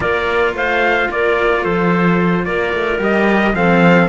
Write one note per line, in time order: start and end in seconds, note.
0.00 0.53 A#3
0.00 2.98 F4
0.00 0.55 A#4
0.00 0.55 D5
0.53 1.08 A3
0.53 1.10 C5
0.53 1.11 F5
1.10 1.65 A#3
1.10 1.62 A#4
1.10 1.63 D5
1.62 2.46 F3
1.62 2.43 A4
1.62 2.44 C5
2.44 2.73 A#3
2.44 3.55 A#4
2.44 2.99 D5
2.73 2.99 A3
2.99 3.53 G3
2.99 3.53 G4
2.99 3.55 D#5
3.54 4.08 F3
3.54 4.08 C4
3.54 4.08 A4
3.54 4.08 F5